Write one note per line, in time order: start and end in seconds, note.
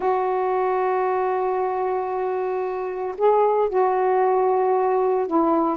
0.00 3.15 F#4
3.17 3.69 G#4
3.69 5.27 F#4
5.27 5.77 E4